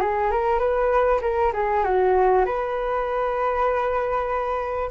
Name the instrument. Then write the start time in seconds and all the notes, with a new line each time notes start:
flute
0.00 G#4
0.31 A#4
0.59 B4
1.21 A#4
1.53 G#4
1.84 F#4
2.45 B4